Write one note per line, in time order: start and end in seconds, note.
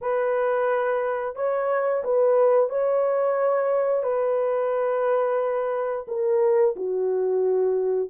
0.01 1.35 B4
1.35 2.03 C#5
2.04 2.69 B4
2.69 4.03 C#5
4.03 6.05 B4
6.07 6.75 A#4
6.76 8.09 F#4